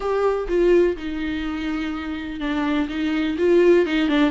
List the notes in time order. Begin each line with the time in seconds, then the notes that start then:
0.00 G4
0.48 F4
0.96 D#4
2.40 D4
2.88 D#4
3.38 F4
3.86 D#4
4.08 D4